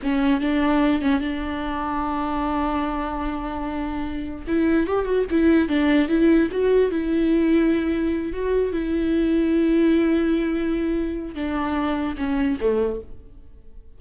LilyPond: \new Staff \with { instrumentName = "viola" } { \time 4/4 \tempo 4 = 148 cis'4 d'4. cis'8 d'4~ | d'1~ | d'2. e'4 | g'8 fis'8 e'4 d'4 e'4 |
fis'4 e'2.~ | e'8 fis'4 e'2~ e'8~ | e'1 | d'2 cis'4 a4 | }